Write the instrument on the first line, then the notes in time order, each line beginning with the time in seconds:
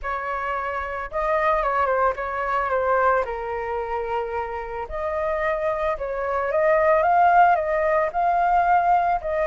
flute
0.02 C#5
1.11 D#5
1.62 C#5
1.86 C5
2.15 C#5
2.70 C5
3.25 A#4
4.88 D#5
5.97 C#5
6.51 D#5
7.02 F5
7.55 D#5
8.12 F5
9.21 D#5